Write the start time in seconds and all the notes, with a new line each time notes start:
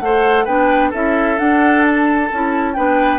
0.00 A3 A4 C5 F#5
0.45 B3 D4 B4 G5
0.90 C#4 E4 A4 E5
1.38 D4 F#5
1.87 A5
2.32 C#4 E4
2.74 B3 D4 B4 G5